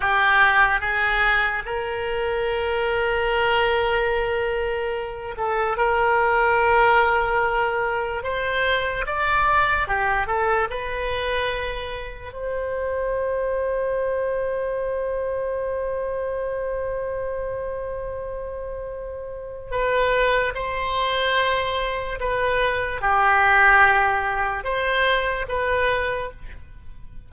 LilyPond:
\new Staff \with { instrumentName = "oboe" } { \time 4/4 \tempo 4 = 73 g'4 gis'4 ais'2~ | ais'2~ ais'8 a'8 ais'4~ | ais'2 c''4 d''4 | g'8 a'8 b'2 c''4~ |
c''1~ | c''1 | b'4 c''2 b'4 | g'2 c''4 b'4 | }